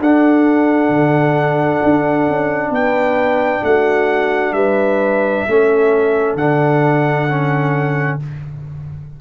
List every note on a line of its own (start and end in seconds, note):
0.00 0.90 D4
0.00 5.49 D4
0.00 2.71 A4
0.00 2.75 F#5
0.90 1.80 D3
1.84 2.28 D4
2.28 2.70 C#4
2.70 3.61 B3
2.70 3.62 B4
2.70 3.65 G5
3.64 4.53 A3
3.64 4.55 F#4
3.64 4.53 F#5
4.53 5.44 G3
4.53 5.45 B4
4.53 6.35 E5
5.48 6.35 A3
5.48 6.39 C#4
5.48 8.21 A4
6.35 8.17 D3
6.35 7.29 D4
6.35 8.19 F#5
7.29 8.20 C#4